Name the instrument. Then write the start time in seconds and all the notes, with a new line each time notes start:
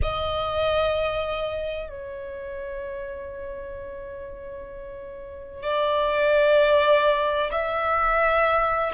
violin
0.02 D#5
1.89 C#5
5.62 D5
7.51 E5